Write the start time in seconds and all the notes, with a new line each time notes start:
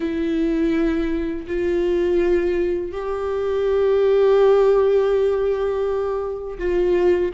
0.00 E4
1.47 F4
2.92 G4
6.58 F4